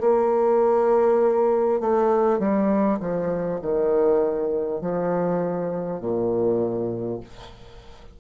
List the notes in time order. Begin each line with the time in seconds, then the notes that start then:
0.00 A#3
1.80 A3
2.39 G3
2.99 F3
3.62 D#3
4.81 F3
6.00 A#2